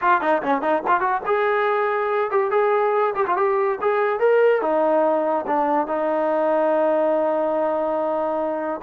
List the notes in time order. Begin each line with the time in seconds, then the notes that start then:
0.01 F4
0.21 D#4
0.42 C#4
0.61 D#4
0.87 F4
1.00 F#4
1.26 G#4
2.31 G4
2.51 G#4
3.15 G4
3.26 F4
3.37 G4
3.81 G#4
4.19 A#4
4.61 D#4
5.46 D4
5.87 D#4